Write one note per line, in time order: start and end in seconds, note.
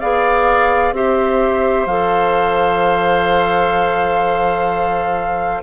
0.00 0.92 B3
0.00 0.94 G#4
0.00 0.94 D5
0.00 0.94 F5
0.92 1.86 C4
0.92 1.88 G4
0.92 5.63 C5
0.92 1.87 E5
1.86 5.61 F3
1.86 5.63 A4
1.86 5.62 F5